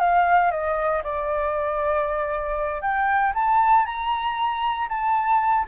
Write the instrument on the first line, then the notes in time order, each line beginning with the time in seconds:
flute
0.00 F5
0.51 D#5
1.04 D5
2.82 G5
3.34 A5
3.86 A#5
4.89 A5